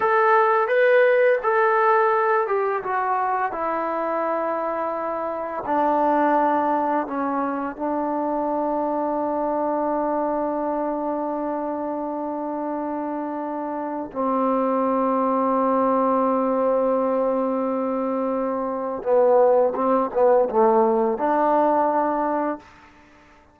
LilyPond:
\new Staff \with { instrumentName = "trombone" } { \time 4/4 \tempo 4 = 85 a'4 b'4 a'4. g'8 | fis'4 e'2. | d'2 cis'4 d'4~ | d'1~ |
d'1 | c'1~ | c'2. b4 | c'8 b8 a4 d'2 | }